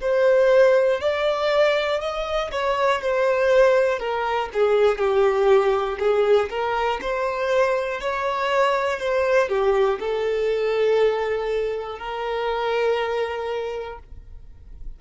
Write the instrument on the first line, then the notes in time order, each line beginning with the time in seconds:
violin
0.00 C5
1.00 D5
2.00 D#5
2.51 C#5
3.01 C5
3.99 A#4
4.53 G#4
4.98 G4
5.99 G#4
6.50 A#4
7.00 C5
8.00 C#5
9.00 C5
9.48 G4
9.99 A4
11.99 A#4